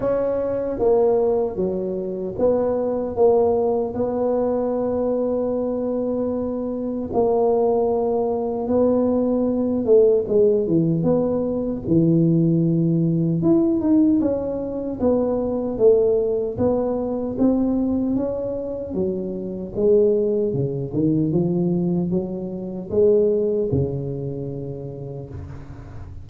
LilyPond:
\new Staff \with { instrumentName = "tuba" } { \time 4/4 \tempo 4 = 76 cis'4 ais4 fis4 b4 | ais4 b2.~ | b4 ais2 b4~ | b8 a8 gis8 e8 b4 e4~ |
e4 e'8 dis'8 cis'4 b4 | a4 b4 c'4 cis'4 | fis4 gis4 cis8 dis8 f4 | fis4 gis4 cis2 | }